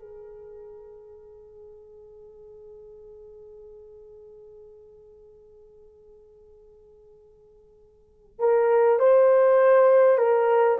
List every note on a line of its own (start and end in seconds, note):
0.00 8.39 G#4
8.39 8.99 A#4
9.00 10.19 C5
10.19 10.79 A#4